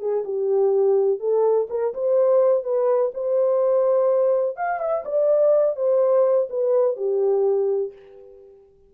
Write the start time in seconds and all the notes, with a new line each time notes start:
0.00 G#4
0.25 G4
1.20 A4
1.70 A#4
1.94 C5
2.64 B4
3.15 C5
4.57 F5
4.80 E5
5.05 D5
5.76 C5
6.50 B4
6.97 G4